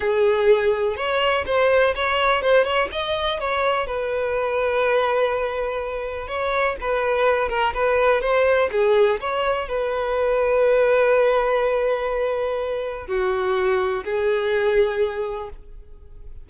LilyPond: \new Staff \with { instrumentName = "violin" } { \time 4/4 \tempo 4 = 124 gis'2 cis''4 c''4 | cis''4 c''8 cis''8 dis''4 cis''4 | b'1~ | b'4 cis''4 b'4. ais'8 |
b'4 c''4 gis'4 cis''4 | b'1~ | b'2. fis'4~ | fis'4 gis'2. | }